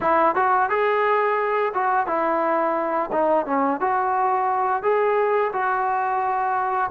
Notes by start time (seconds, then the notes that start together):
0.01 E4
0.35 F#4
0.69 G#4
1.73 F#4
2.07 E4
3.12 D#4
3.46 C#4
3.80 F#4
4.82 G#4
5.52 F#4